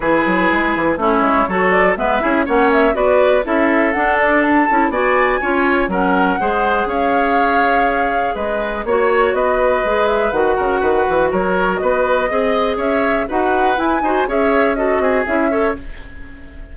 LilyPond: <<
  \new Staff \with { instrumentName = "flute" } { \time 4/4 \tempo 4 = 122 b'2 cis''4. d''8 | e''4 fis''8 e''8 d''4 e''4 | fis''8 d''8 a''4 gis''2 | fis''2 f''2~ |
f''4 dis''4 cis''4 dis''4~ | dis''8 e''8 fis''2 cis''4 | dis''2 e''4 fis''4 | gis''4 e''4 dis''4 e''4 | }
  \new Staff \with { instrumentName = "oboe" } { \time 4/4 gis'2 e'4 a'4 | b'8 gis'8 cis''4 b'4 a'4~ | a'2 d''4 cis''4 | ais'4 c''4 cis''2~ |
cis''4 b'4 cis''4 b'4~ | b'4. ais'8 b'4 ais'4 | b'4 dis''4 cis''4 b'4~ | b'8 c''8 cis''4 a'8 gis'4 cis''8 | }
  \new Staff \with { instrumentName = "clarinet" } { \time 4/4 e'2 cis'4 fis'4 | b8 e'8 cis'4 fis'4 e'4 | d'4. e'8 fis'4 f'4 | cis'4 gis'2.~ |
gis'2 fis'2 | gis'4 fis'2.~ | fis'4 gis'2 fis'4 | e'8 fis'8 gis'4 fis'4 e'8 a'8 | }
  \new Staff \with { instrumentName = "bassoon" } { \time 4/4 e8 fis8 gis8 e8 a8 gis8 fis4 | gis8 cis'8 ais4 b4 cis'4 | d'4. cis'8 b4 cis'4 | fis4 gis4 cis'2~ |
cis'4 gis4 ais4 b4 | gis4 dis8 cis8 dis8 e8 fis4 | b4 c'4 cis'4 dis'4 | e'8 dis'8 cis'4. c'8 cis'4 | }
>>